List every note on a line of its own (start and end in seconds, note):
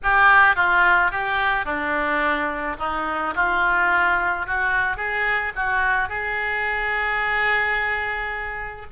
0.02 0.55 G4
0.55 1.11 F4
1.11 1.65 G4
1.65 2.76 D4
2.78 3.34 D#4
3.35 4.46 F4
4.46 4.96 F#4
4.96 5.52 G#4
5.55 6.08 F#4
6.08 8.86 G#4